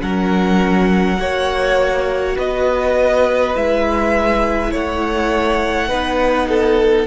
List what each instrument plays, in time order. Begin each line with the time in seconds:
0.00 cello F#3, viola C#4, violin A#4 F#5
1.19 cello A#3, viola F#4, violin C#5
2.36 cello B3, violin B4 D#5
3.54 cello G#3, viola E4, violin E5
4.71 cello A3, violin C#5 F#5
5.88 cello B3, viola D#4, violin B4
6.50 violin A4